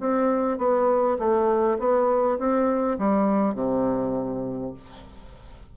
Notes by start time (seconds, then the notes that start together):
0.00 C4
0.58 B3
1.19 A3
1.79 B3
2.39 C4
2.98 G3
3.54 C3